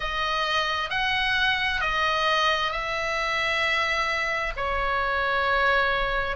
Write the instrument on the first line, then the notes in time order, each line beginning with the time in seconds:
oboe
0.00 D#5
0.90 F#5
1.80 D#5
2.71 E5
4.56 C#5